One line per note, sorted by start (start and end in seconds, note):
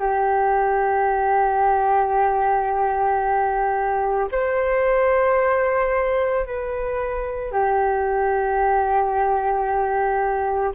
0.00 4.29 G4
4.31 6.45 C5
6.45 7.51 B4
7.51 10.73 G4